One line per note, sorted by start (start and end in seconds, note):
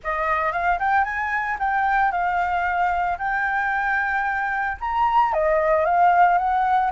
0.03 0.52 D#5
0.52 0.78 F5
0.79 1.04 G5
1.04 1.57 G#5
1.59 2.11 G5
2.11 3.17 F5
3.18 4.77 G5
4.80 5.33 A#5
5.33 5.85 D#5
5.85 6.37 F5
6.37 6.91 F#5